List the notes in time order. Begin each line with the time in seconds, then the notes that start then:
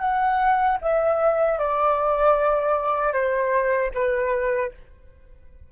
0.00 F#5
0.81 E5
1.59 D5
3.13 C5
3.94 B4